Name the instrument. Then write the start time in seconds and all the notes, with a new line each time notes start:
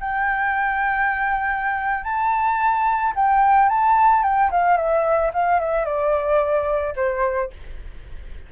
flute
0.00 G5
2.04 A5
3.15 G5
3.69 A5
4.23 G5
4.51 F5
4.77 E5
5.33 F5
5.59 E5
5.85 D5
6.96 C5